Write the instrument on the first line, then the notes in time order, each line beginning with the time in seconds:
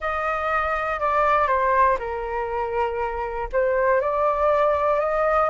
flute
0.00 D#5
0.99 D5
1.47 C5
1.99 A#4
3.52 C5
4.00 D5
4.99 D#5